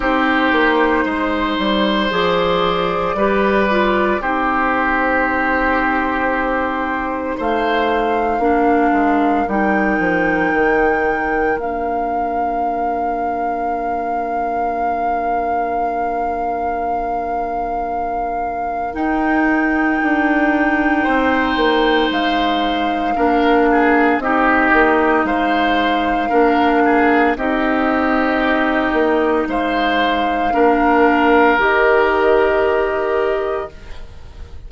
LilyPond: <<
  \new Staff \with { instrumentName = "flute" } { \time 4/4 \tempo 4 = 57 c''2 d''2 | c''2. f''4~ | f''4 g''2 f''4~ | f''1~ |
f''2 g''2~ | g''4 f''2 dis''4 | f''2 dis''2 | f''2 dis''2 | }
  \new Staff \with { instrumentName = "oboe" } { \time 4/4 g'4 c''2 b'4 | g'2. c''4 | ais'1~ | ais'1~ |
ais'1 | c''2 ais'8 gis'8 g'4 | c''4 ais'8 gis'8 g'2 | c''4 ais'2. | }
  \new Staff \with { instrumentName = "clarinet" } { \time 4/4 dis'2 gis'4 g'8 f'8 | dis'1 | d'4 dis'2 d'4~ | d'1~ |
d'2 dis'2~ | dis'2 d'4 dis'4~ | dis'4 d'4 dis'2~ | dis'4 d'4 g'2 | }
  \new Staff \with { instrumentName = "bassoon" } { \time 4/4 c'8 ais8 gis8 g8 f4 g4 | c'2. a4 | ais8 gis8 g8 f8 dis4 ais4~ | ais1~ |
ais2 dis'4 d'4 | c'8 ais8 gis4 ais4 c'8 ais8 | gis4 ais4 c'4. ais8 | gis4 ais4 dis2 | }
>>